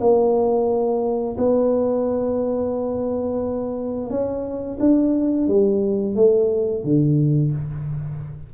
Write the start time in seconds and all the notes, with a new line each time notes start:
0.00 A#3
1.37 B3
4.10 C#4
4.80 D4
5.48 G3
6.15 A3
6.83 D3